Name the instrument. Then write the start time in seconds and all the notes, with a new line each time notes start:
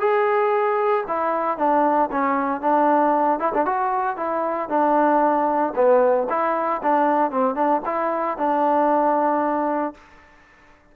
trombone
0.00 G#4
1.07 E4
1.58 D4
2.12 C#4
2.61 D4
3.40 E4
3.54 D4
3.66 F#4
4.17 E4
4.69 D4
5.76 B3
6.30 E4
6.83 D4
7.31 C4
7.55 D4
7.86 E4
8.38 D4